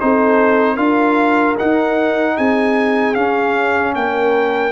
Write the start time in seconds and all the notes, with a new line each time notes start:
0.00 C4 D#4 A4 C5
0.75 D4 F4 A#4 F5
1.58 D#4 F#5
2.37 C4 G#4 G#5
3.14 C#4 F5
3.95 A#3 A#4 G5